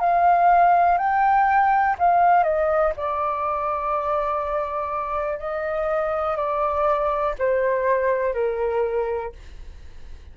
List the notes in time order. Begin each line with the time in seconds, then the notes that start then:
0.00 F5
0.98 G5
1.99 F5
2.44 D#5
2.96 D5
5.39 D#5
6.37 D5
7.39 C5
8.34 A#4